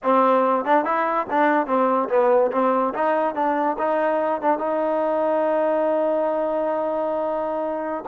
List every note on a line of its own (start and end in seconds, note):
0.03 0.64 C4
0.64 0.84 D4
0.84 1.26 E4
1.30 1.66 D4
1.66 2.08 C4
2.09 2.51 B3
2.51 2.93 C4
2.94 3.35 D#4
3.35 3.76 D4
3.78 4.41 D#4
4.41 4.58 D4
4.58 8.04 D#4